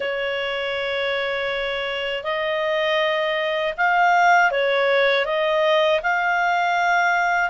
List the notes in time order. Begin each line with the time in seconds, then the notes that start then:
0.00 C#5
2.23 D#5
3.77 F5
4.51 C#5
5.25 D#5
6.02 F5